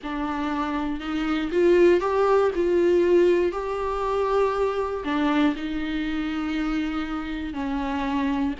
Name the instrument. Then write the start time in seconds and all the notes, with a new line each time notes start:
viola
0.03 D4
0.99 D#4
1.51 F4
2.00 G4
2.55 F4
3.52 G4
5.04 D4
5.56 D#4
7.53 C#4